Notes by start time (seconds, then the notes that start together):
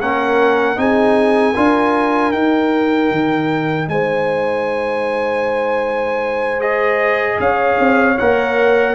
0.00 A#3 C#4 A#4 F#5
0.76 C4 D#4 G#4 G#5
1.56 D4 F4 A#4
2.32 D#4 G5
3.11 D#3
3.88 G#3 C5 G#5
6.60 G#4 D#5
7.39 C#4 C#5 F5
7.79 C4
8.18 A#3 A#4 F#5